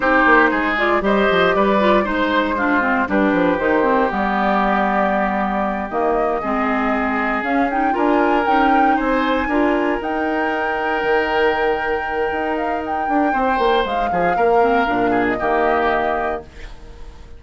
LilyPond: <<
  \new Staff \with { instrumentName = "flute" } { \time 4/4 \tempo 4 = 117 c''4. d''8 dis''4 d''4 | c''2 b'4 c''4 | d''2.~ d''8 dis''8~ | dis''2~ dis''8 f''8 g''8 gis''8~ |
gis''8 g''4 gis''2 g''8~ | g''1~ | g''8 f''8 g''2 f''4~ | f''4.~ f''16 dis''2~ dis''16 | }
  \new Staff \with { instrumentName = "oboe" } { \time 4/4 g'4 gis'4 c''4 b'4 | c''4 f'4 g'2~ | g'1~ | g'8 gis'2. ais'8~ |
ais'4. c''4 ais'4.~ | ais'1~ | ais'2 c''4. gis'8 | ais'4. gis'8 g'2 | }
  \new Staff \with { instrumentName = "clarinet" } { \time 4/4 dis'4. f'8 g'4. f'8 | dis'4 d'8 c'8 d'4 dis'8 c'8 | b2.~ b8 ais8~ | ais8 c'2 cis'8 dis'8 f'8~ |
f'8 dis'2 f'4 dis'8~ | dis'1~ | dis'1~ | dis'8 c'8 d'4 ais2 | }
  \new Staff \with { instrumentName = "bassoon" } { \time 4/4 c'8 ais8 gis4 g8 f8 g4 | gis2 g8 f8 dis4 | g2.~ g8 dis8~ | dis8 gis2 cis'4 d'8~ |
d'8 cis'4 c'4 d'4 dis'8~ | dis'4. dis2~ dis8 | dis'4. d'8 c'8 ais8 gis8 f8 | ais4 ais,4 dis2 | }
>>